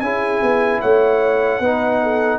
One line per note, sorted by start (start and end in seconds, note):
0.00 0.41 C#4
0.00 1.62 E4
0.00 0.81 G#4
0.00 0.80 G#5
0.42 0.82 B3
0.81 1.60 A3
0.81 1.60 C#5
0.81 2.39 F#5
1.60 2.39 B3
1.60 2.39 D#4
1.60 2.00 B4
2.02 2.39 A4